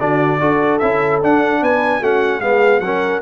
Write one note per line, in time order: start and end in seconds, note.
0.00 0.40 D3
0.00 0.40 D4
0.00 0.40 F#4
0.00 0.79 D5
0.40 0.81 D4
0.40 0.80 F#4
0.40 1.61 A4
0.79 1.22 C#4
0.79 1.22 E4
0.79 1.19 E5
1.22 1.61 D4
1.22 2.02 D4
1.22 1.64 F#5
1.61 2.01 B3
1.61 2.00 B4
1.61 2.04 G#5
2.00 2.40 A3
2.00 2.42 C#4
2.00 2.40 F#4
2.00 2.40 F#5
2.40 2.80 G#3
2.40 2.82 B3
2.40 2.83 G#4
2.40 2.80 F5
2.80 3.20 F#3
2.80 3.22 C#4
2.80 3.22 A#4
2.80 3.20 F#5